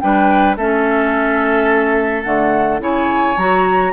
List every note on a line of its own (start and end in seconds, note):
0.00 0.57 G3
0.00 0.57 D4
0.00 0.57 B4
0.00 0.56 G5
0.57 2.25 A3
0.57 2.25 C#4
0.57 2.81 A4
0.57 2.23 E5
2.23 2.80 D3
2.23 2.80 A3
2.23 2.79 F#5
2.80 3.36 C#3
2.80 3.36 E4
2.80 3.93 C#5
2.80 3.38 G#5
3.37 3.93 F#3
3.37 3.93 F#4
3.37 3.93 A#5